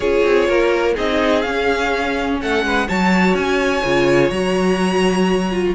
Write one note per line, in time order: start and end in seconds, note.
0.00 0.21 C#4
0.00 0.95 F4
0.00 0.48 G#4
0.00 0.96 C#5
0.24 0.48 C4
0.48 0.96 A#3
0.48 0.94 A#4
0.94 1.45 C4
0.94 1.43 D#4
0.94 2.38 G#4
0.94 1.42 D#5
1.42 2.88 C#4
1.42 2.41 C#4
1.42 2.38 F5
2.41 2.63 A3
2.41 2.65 A4
2.41 2.88 F#5
2.63 2.87 G#3
2.63 2.87 B4
2.87 3.33 F#3
2.87 3.84 F#4
2.87 5.74 C#5
2.87 3.35 A5
3.33 3.81 C#4
3.33 4.29 G#5
3.83 4.30 C#3
3.83 4.32 F4
4.29 5.74 F#3
4.29 5.51 F#4
4.29 5.73 A#5
5.51 5.74 F4